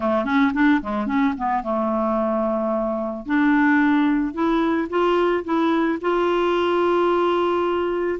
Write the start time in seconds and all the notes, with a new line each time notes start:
0.00 A3
0.24 C#4
0.53 D4
0.81 G#3
1.06 C#4
1.37 B3
1.63 A3
3.26 D4
4.33 E4
4.89 F4
5.44 E4
6.01 F4